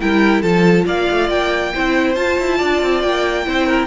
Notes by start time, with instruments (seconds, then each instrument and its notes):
0.00 cello G3, viola E4, violin A#4 G5
0.41 cello F3, viola F4, violin A4 A5
0.86 cello A#3, violin D5 F5
1.10 cello A3
1.29 cello A#3, violin G5
1.74 cello C4, viola E4, violin C5
2.14 cello F4, viola F4, violin A5
2.39 cello E4
2.58 cello D4, violin D5
2.81 cello C4
3.02 cello A#3, violin G5
3.44 cello C4, viola E4, violin C5
3.66 violin A#4